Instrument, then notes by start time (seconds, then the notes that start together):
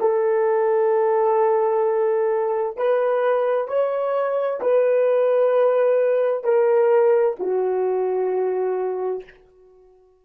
horn
0.00 A4
2.77 B4
3.68 C#5
4.61 B4
6.44 A#4
7.39 F#4